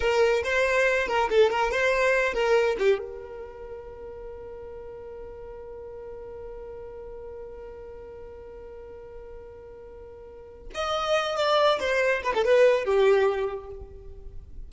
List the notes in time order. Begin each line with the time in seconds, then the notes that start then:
0.00 A#4
0.43 C5
1.07 A#4
1.29 A4
1.50 A#4
1.71 C5
2.33 A#4
2.78 G4
2.98 A#4
10.74 D#5
11.36 D5
11.79 C5
12.23 B4
12.34 A4
12.44 B4
12.85 G4